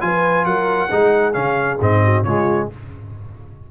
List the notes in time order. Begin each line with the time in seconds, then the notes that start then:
0.00 F3 F4 B4 G#5
0.45 F#3 A#4 F#5
0.87 G#3 D#4 G#4
1.33 C#3 C#4 F5
1.80 G#2 C4 D#5
2.03 F#4
2.23 C#3 G#3 F4 C#5